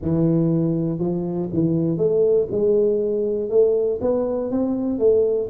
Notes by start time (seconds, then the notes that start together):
0.02 E3
0.98 F3
1.52 E3
1.97 A3
2.51 G#3
3.49 A3
4.01 B3
4.50 C4
4.98 A3